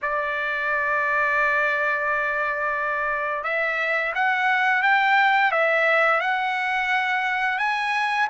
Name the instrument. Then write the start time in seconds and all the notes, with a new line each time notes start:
trumpet
0.02 D5
3.43 E5
4.14 F#5
4.82 G5
5.51 E5
6.20 F#5
7.58 G#5